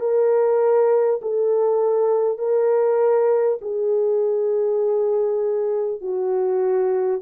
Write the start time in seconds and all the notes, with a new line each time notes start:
0.00 A#4
1.22 A4
2.38 A#4
3.61 G#4
6.01 F#4